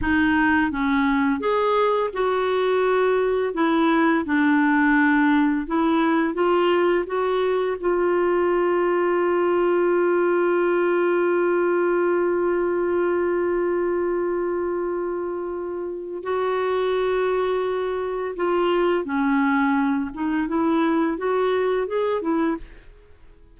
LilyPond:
\new Staff \with { instrumentName = "clarinet" } { \time 4/4 \tempo 4 = 85 dis'4 cis'4 gis'4 fis'4~ | fis'4 e'4 d'2 | e'4 f'4 fis'4 f'4~ | f'1~ |
f'1~ | f'2. fis'4~ | fis'2 f'4 cis'4~ | cis'8 dis'8 e'4 fis'4 gis'8 e'8 | }